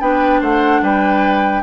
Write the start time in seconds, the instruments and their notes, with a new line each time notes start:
0.00 bassoon B3, clarinet D4, oboe B4, flute G5
0.40 bassoon A3, oboe C5, flute F#5
0.81 bassoon G3, oboe B4, flute G5